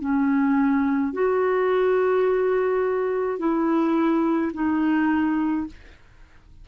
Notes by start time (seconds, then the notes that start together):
0.00 C#4
1.13 F#4
3.39 E4
4.53 D#4